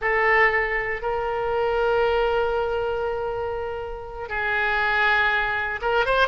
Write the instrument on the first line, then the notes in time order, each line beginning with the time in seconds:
oboe
0.01 A4
1.02 A#4
4.29 G#4
5.81 A#4
6.05 C5